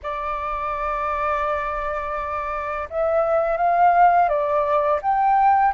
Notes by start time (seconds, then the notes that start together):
0.02 D5
2.89 E5
3.57 F5
4.28 D5
5.02 G5